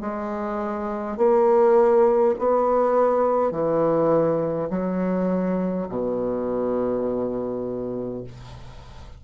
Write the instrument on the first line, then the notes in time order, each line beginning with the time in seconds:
bassoon
0.00 G#3
1.17 A#3
2.39 B3
3.51 E3
4.70 F#3
5.89 B2